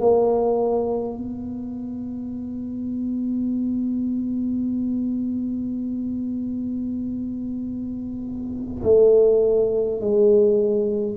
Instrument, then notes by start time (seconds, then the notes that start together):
tuba
0.00 A#3
1.18 B3
8.83 A3
10.01 G#3